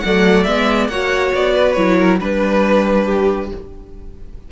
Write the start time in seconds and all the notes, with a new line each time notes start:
0.00 F#3 A3 D5 F#5
0.43 G#3 B3 E5
0.88 A#3 F#4 C#5 F#5
1.34 B3 D5
1.53 B4
1.73 F#3 E4 C#5
1.98 A#4
2.20 G3 D4 B4
3.05 G4